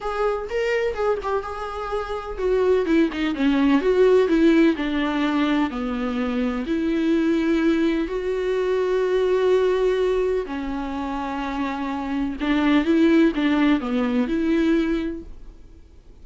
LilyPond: \new Staff \with { instrumentName = "viola" } { \time 4/4 \tempo 4 = 126 gis'4 ais'4 gis'8 g'8 gis'4~ | gis'4 fis'4 e'8 dis'8 cis'4 | fis'4 e'4 d'2 | b2 e'2~ |
e'4 fis'2.~ | fis'2 cis'2~ | cis'2 d'4 e'4 | d'4 b4 e'2 | }